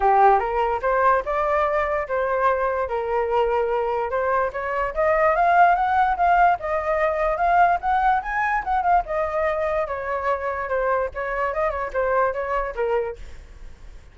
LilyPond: \new Staff \with { instrumentName = "flute" } { \time 4/4 \tempo 4 = 146 g'4 ais'4 c''4 d''4~ | d''4 c''2 ais'4~ | ais'2 c''4 cis''4 | dis''4 f''4 fis''4 f''4 |
dis''2 f''4 fis''4 | gis''4 fis''8 f''8 dis''2 | cis''2 c''4 cis''4 | dis''8 cis''8 c''4 cis''4 ais'4 | }